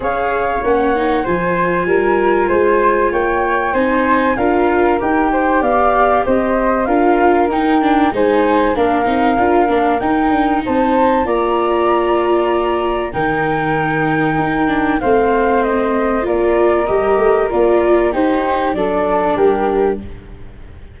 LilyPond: <<
  \new Staff \with { instrumentName = "flute" } { \time 4/4 \tempo 4 = 96 f''4 fis''4 gis''2~ | gis''4 g''4 gis''4 f''4 | g''4 f''4 dis''4 f''4 | g''4 gis''4 f''2 |
g''4 a''4 ais''2~ | ais''4 g''2. | f''4 dis''4 d''4 dis''4 | d''4 c''4 d''4 ais'4 | }
  \new Staff \with { instrumentName = "flute" } { \time 4/4 cis''2 c''4 ais'4 | c''4 cis''4 c''4 ais'4~ | ais'8 c''8 d''4 c''4 ais'4~ | ais'4 c''4 ais'2~ |
ais'4 c''4 d''2~ | d''4 ais'2. | c''2 ais'2~ | ais'4 g'4 a'4 g'4 | }
  \new Staff \with { instrumentName = "viola" } { \time 4/4 gis'4 cis'8 dis'8 f'2~ | f'2 dis'4 f'4 | g'2. f'4 | dis'8 d'8 dis'4 d'8 dis'8 f'8 d'8 |
dis'2 f'2~ | f'4 dis'2~ dis'8 d'8 | c'2 f'4 g'4 | f'4 dis'4 d'2 | }
  \new Staff \with { instrumentName = "tuba" } { \time 4/4 cis'4 ais4 f4 g4 | gis4 ais4 c'4 d'4 | dis'4 b4 c'4 d'4 | dis'4 gis4 ais8 c'8 d'8 ais8 |
dis'8 d'8 c'4 ais2~ | ais4 dis2 dis'4 | a2 ais4 g8 a8 | ais4 dis'4 fis4 g4 | }
>>